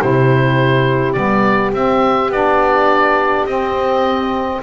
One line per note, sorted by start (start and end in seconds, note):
0.00 1.16 C3
0.00 1.15 E4
0.00 4.62 G4
0.00 1.12 C5
1.12 1.73 G3
1.12 1.73 B3
1.12 1.70 D5
1.73 2.29 C4
1.73 2.31 C4
1.73 2.31 E5
2.29 3.44 B3
2.29 3.47 D4
2.29 3.46 D5
3.45 4.61 C4
3.45 4.62 C4
3.45 4.61 D#5